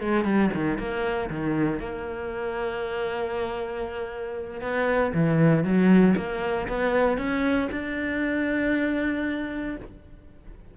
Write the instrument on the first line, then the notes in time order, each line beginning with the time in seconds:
cello
0.00 G#3
0.24 G3
0.53 D#3
0.78 A#3
1.30 D#3
1.79 A#3
4.61 B3
5.14 E3
5.64 F#3
6.16 A#3
6.68 B3
7.17 C#4
7.71 D4